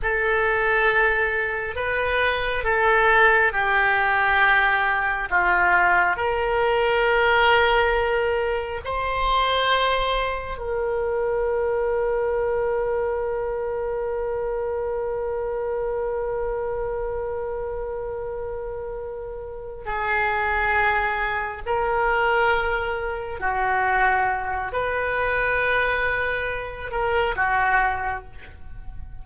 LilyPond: \new Staff \with { instrumentName = "oboe" } { \time 4/4 \tempo 4 = 68 a'2 b'4 a'4 | g'2 f'4 ais'4~ | ais'2 c''2 | ais'1~ |
ais'1~ | ais'2~ ais'8 gis'4.~ | gis'8 ais'2 fis'4. | b'2~ b'8 ais'8 fis'4 | }